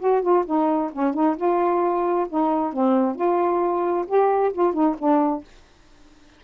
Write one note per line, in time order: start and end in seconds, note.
0.00 0.22 F#4
0.22 0.45 F4
0.46 0.91 D#4
0.93 1.14 C#4
1.14 1.37 D#4
1.37 2.27 F4
2.29 2.73 D#4
2.73 3.16 C4
3.16 4.06 F4
4.08 4.53 G4
4.53 4.73 F4
4.73 4.96 D#4
4.99 5.44 D4